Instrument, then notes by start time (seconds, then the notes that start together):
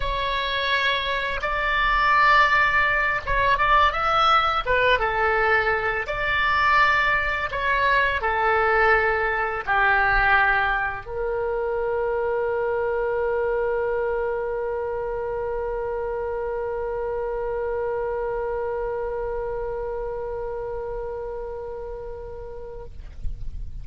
oboe
0.00 C#5
1.42 D5
3.25 C#5
3.57 D5
3.92 E5
4.65 B4
4.99 A4
6.06 D5
7.51 C#5
8.21 A4
9.66 G4
11.06 A#4